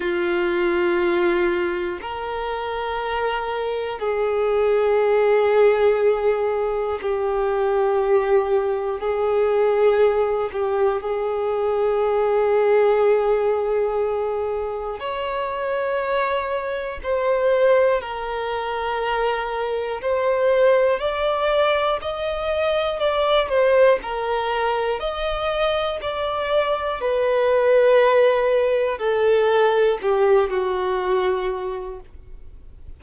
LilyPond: \new Staff \with { instrumentName = "violin" } { \time 4/4 \tempo 4 = 60 f'2 ais'2 | gis'2. g'4~ | g'4 gis'4. g'8 gis'4~ | gis'2. cis''4~ |
cis''4 c''4 ais'2 | c''4 d''4 dis''4 d''8 c''8 | ais'4 dis''4 d''4 b'4~ | b'4 a'4 g'8 fis'4. | }